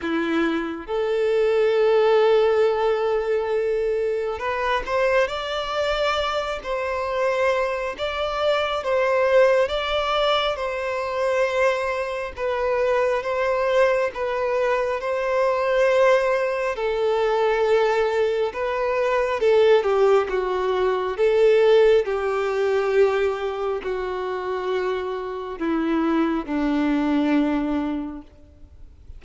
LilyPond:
\new Staff \with { instrumentName = "violin" } { \time 4/4 \tempo 4 = 68 e'4 a'2.~ | a'4 b'8 c''8 d''4. c''8~ | c''4 d''4 c''4 d''4 | c''2 b'4 c''4 |
b'4 c''2 a'4~ | a'4 b'4 a'8 g'8 fis'4 | a'4 g'2 fis'4~ | fis'4 e'4 d'2 | }